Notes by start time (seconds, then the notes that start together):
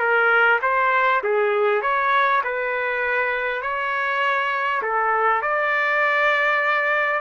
0.00 A#4
0.62 C5
1.24 G#4
1.82 C#5
2.44 B4
3.62 C#5
4.83 A4
5.42 D5